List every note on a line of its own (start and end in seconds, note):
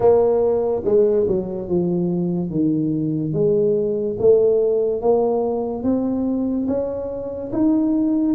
0.00 0.82 A#3
0.84 1.26 G#3
1.27 1.68 F#3
1.68 2.50 F3
2.50 3.33 D#3
3.33 4.16 G#3
4.19 5.01 A3
5.01 5.83 A#3
5.83 6.66 C4
6.67 7.51 C#4
7.52 8.34 D#4